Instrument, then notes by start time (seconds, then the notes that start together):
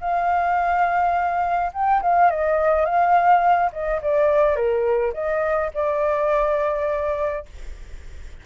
flute
0.00 F5
1.73 G5
2.02 F5
2.30 D#5
2.85 F5
3.72 D#5
4.02 D5
4.56 A#4
5.13 D#5
5.74 D5